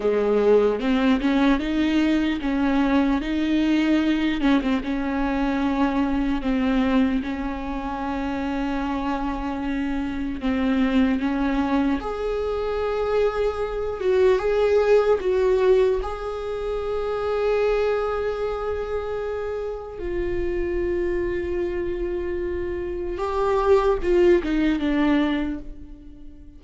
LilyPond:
\new Staff \with { instrumentName = "viola" } { \time 4/4 \tempo 4 = 75 gis4 c'8 cis'8 dis'4 cis'4 | dis'4. cis'16 c'16 cis'2 | c'4 cis'2.~ | cis'4 c'4 cis'4 gis'4~ |
gis'4. fis'8 gis'4 fis'4 | gis'1~ | gis'4 f'2.~ | f'4 g'4 f'8 dis'8 d'4 | }